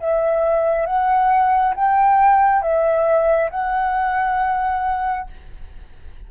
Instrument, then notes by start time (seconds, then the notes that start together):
flute
0.00 E5
0.86 F#5
1.75 G5
2.62 E5
3.51 F#5